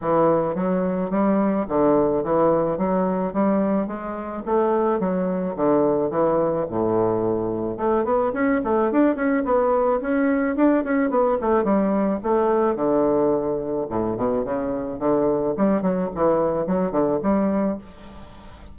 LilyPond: \new Staff \with { instrumentName = "bassoon" } { \time 4/4 \tempo 4 = 108 e4 fis4 g4 d4 | e4 fis4 g4 gis4 | a4 fis4 d4 e4 | a,2 a8 b8 cis'8 a8 |
d'8 cis'8 b4 cis'4 d'8 cis'8 | b8 a8 g4 a4 d4~ | d4 a,8 b,8 cis4 d4 | g8 fis8 e4 fis8 d8 g4 | }